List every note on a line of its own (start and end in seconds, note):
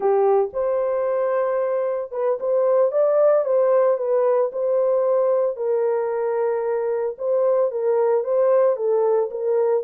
0.00 0.50 G4
0.53 2.11 C5
2.11 2.38 B4
2.40 2.91 C5
2.91 3.44 D5
3.44 3.97 C5
3.97 4.50 B4
4.52 5.56 C5
5.56 7.15 A#4
7.18 7.71 C5
7.71 8.23 A#4
8.23 8.76 C5
8.76 9.29 A4
9.30 9.83 A#4